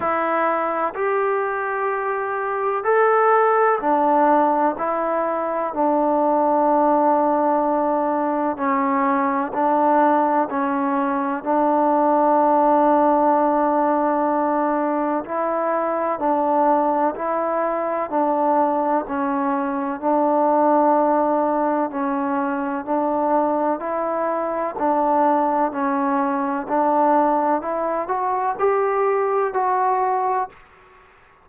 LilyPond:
\new Staff \with { instrumentName = "trombone" } { \time 4/4 \tempo 4 = 63 e'4 g'2 a'4 | d'4 e'4 d'2~ | d'4 cis'4 d'4 cis'4 | d'1 |
e'4 d'4 e'4 d'4 | cis'4 d'2 cis'4 | d'4 e'4 d'4 cis'4 | d'4 e'8 fis'8 g'4 fis'4 | }